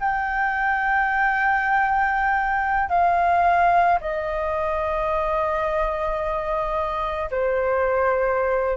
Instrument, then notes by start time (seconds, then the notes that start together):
flute
0.00 G5
2.89 F5
4.01 D#5
7.31 C5